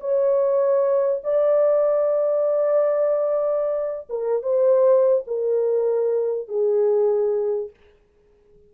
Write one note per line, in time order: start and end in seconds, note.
0.00 1.22 C#5
1.24 4.08 D5
4.09 4.43 A#4
4.43 5.24 C5
5.27 6.48 A#4
6.48 7.70 G#4